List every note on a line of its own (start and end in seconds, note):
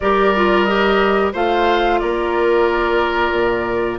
0.00 1.34 G3
0.00 0.34 G4
0.00 1.32 A#4
0.00 0.64 D5
0.35 0.67 F4
0.64 1.33 G4
0.64 1.30 D#5
1.32 2.00 A3
1.32 3.99 F4
1.32 1.99 C5
1.32 1.99 F5
1.99 3.32 A#3
1.99 3.99 A#4
1.99 3.99 D5
3.32 3.98 A#2